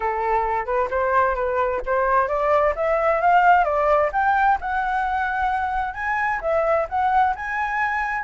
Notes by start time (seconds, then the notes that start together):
0.00 A4
0.65 B4
0.90 C5
1.35 B4
1.86 C5
2.28 D5
2.75 E5
3.21 F5
3.64 D5
4.12 G5
4.60 F#5
5.94 G#5
6.41 E5
6.89 F#5
7.35 G#5